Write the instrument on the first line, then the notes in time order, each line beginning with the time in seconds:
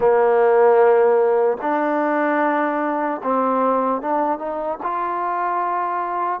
trombone
0.00 A#3
1.61 D4
3.23 C4
4.01 D4
4.38 D#4
4.83 F4